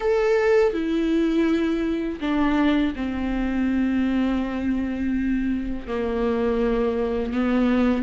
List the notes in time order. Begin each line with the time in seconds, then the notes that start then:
0.00 A4
0.73 E4
2.20 D4
2.95 C4
5.87 A#3
7.32 B3